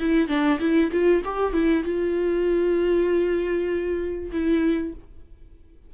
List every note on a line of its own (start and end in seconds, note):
0.00 0.28 E4
0.28 0.59 D4
0.60 0.91 E4
0.91 1.22 F4
1.25 1.53 G4
1.53 1.84 E4
1.84 4.31 F4
4.32 4.94 E4